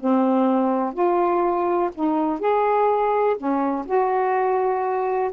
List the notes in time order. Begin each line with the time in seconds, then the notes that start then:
0.00 C4
0.94 F4
1.95 D#4
2.40 G#4
3.37 C#4
3.86 F#4